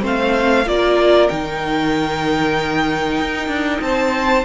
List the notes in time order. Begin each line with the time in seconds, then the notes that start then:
0.00 A3 C4 C5
0.07 F5
0.66 A#3 F4 A#4 D5
1.29 D#3 D#4 G5
3.21 D#4
3.48 D4
3.82 C4 C5 A5